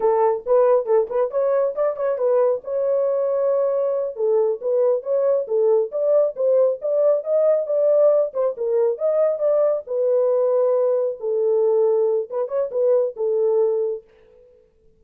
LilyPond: \new Staff \with { instrumentName = "horn" } { \time 4/4 \tempo 4 = 137 a'4 b'4 a'8 b'8 cis''4 | d''8 cis''8 b'4 cis''2~ | cis''4. a'4 b'4 cis''8~ | cis''8 a'4 d''4 c''4 d''8~ |
d''8 dis''4 d''4. c''8 ais'8~ | ais'8 dis''4 d''4 b'4.~ | b'4. a'2~ a'8 | b'8 cis''8 b'4 a'2 | }